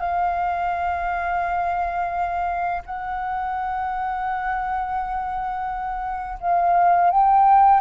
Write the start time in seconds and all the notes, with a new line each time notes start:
0.00 F5
2.86 F#5
6.40 F5
7.10 G5